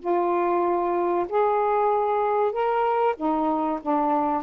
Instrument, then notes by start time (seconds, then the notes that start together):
saxophone
0.00 F4
1.29 G#4
2.52 A#4
3.17 D#4
3.82 D4